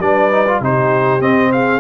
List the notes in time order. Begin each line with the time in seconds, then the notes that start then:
0.00 G3 D4 B4 D5
0.31 D#4
0.48 F4
0.60 C3 D#4 G4 C5
1.21 C4 D#5
1.53 G#4 F5